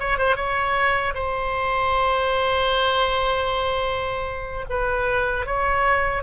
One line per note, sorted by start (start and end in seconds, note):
0.00 0.19 C#5
0.19 0.36 C5
0.36 1.14 C#5
1.15 4.66 C5
4.70 5.47 B4
5.47 6.23 C#5